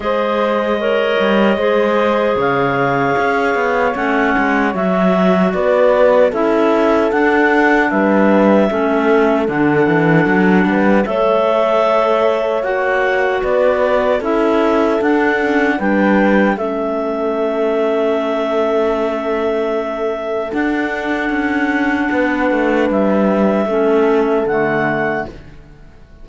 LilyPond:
<<
  \new Staff \with { instrumentName = "clarinet" } { \time 4/4 \tempo 4 = 76 dis''2. f''4~ | f''4 fis''4 e''4 d''4 | e''4 fis''4 e''2 | fis''2 e''2 |
fis''4 d''4 e''4 fis''4 | g''4 e''2.~ | e''2 fis''2~ | fis''4 e''2 fis''4 | }
  \new Staff \with { instrumentName = "horn" } { \time 4/4 c''4 cis''4 c''4 cis''4~ | cis''2. b'4 | a'2 b'4 a'4~ | a'4. b'8 cis''2~ |
cis''4 b'4 a'2 | b'4 a'2.~ | a'1 | b'2 a'2 | }
  \new Staff \with { instrumentName = "clarinet" } { \time 4/4 gis'4 ais'4 gis'2~ | gis'4 cis'4 fis'2 | e'4 d'2 cis'4 | d'2 a'2 |
fis'2 e'4 d'8 cis'8 | d'4 cis'2.~ | cis'2 d'2~ | d'2 cis'4 a4 | }
  \new Staff \with { instrumentName = "cello" } { \time 4/4 gis4. g8 gis4 cis4 | cis'8 b8 a8 gis8 fis4 b4 | cis'4 d'4 g4 a4 | d8 e8 fis8 g8 a2 |
ais4 b4 cis'4 d'4 | g4 a2.~ | a2 d'4 cis'4 | b8 a8 g4 a4 d4 | }
>>